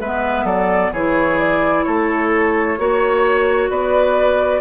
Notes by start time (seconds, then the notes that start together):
0.00 G#3 B3 B4 E5
0.44 F#3 A4 D5
0.92 E3 E4 G#4 C#5
1.38 D5
1.84 A3 A4 C#5
2.78 A#3 F#4 C#5
3.69 B3 B4 D5